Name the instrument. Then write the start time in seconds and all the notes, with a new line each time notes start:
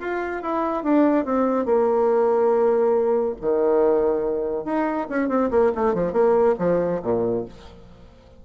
bassoon
0.00 F4
0.43 E4
0.84 D4
1.26 C4
1.66 A#3
3.41 D#3
4.65 D#4
5.10 C#4
5.29 C4
5.51 A#3
5.75 A3
5.95 F3
6.13 A#3
6.59 F3
7.03 A#2